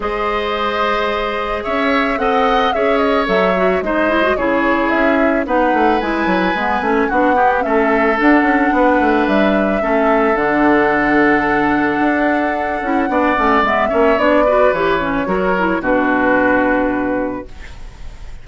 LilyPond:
<<
  \new Staff \with { instrumentName = "flute" } { \time 4/4 \tempo 4 = 110 dis''2. e''4 | fis''4 e''8 dis''8 e''4 dis''4 | cis''4 e''4 fis''4 gis''4~ | gis''4 fis''4 e''4 fis''4~ |
fis''4 e''2 fis''4~ | fis''1~ | fis''4 e''4 d''4 cis''4~ | cis''4 b'2. | }
  \new Staff \with { instrumentName = "oboe" } { \time 4/4 c''2. cis''4 | dis''4 cis''2 c''4 | gis'2 b'2~ | b'4 fis'8 g'8 a'2 |
b'2 a'2~ | a'1 | d''4. cis''4 b'4. | ais'4 fis'2. | }
  \new Staff \with { instrumentName = "clarinet" } { \time 4/4 gis'1 | a'4 gis'4 a'8 fis'8 dis'8 e'16 fis'16 | e'2 dis'4 e'4 | b8 cis'8 d'8 b8 cis'4 d'4~ |
d'2 cis'4 d'4~ | d'2.~ d'8 e'8 | d'8 cis'8 b8 cis'8 d'8 fis'8 g'8 cis'8 | fis'8 e'8 d'2. | }
  \new Staff \with { instrumentName = "bassoon" } { \time 4/4 gis2. cis'4 | c'4 cis'4 fis4 gis4 | cis4 cis'4 b8 a8 gis8 fis8 | gis8 a8 b4 a4 d'8 cis'8 |
b8 a8 g4 a4 d4~ | d2 d'4. cis'8 | b8 a8 gis8 ais8 b4 e4 | fis4 b,2. | }
>>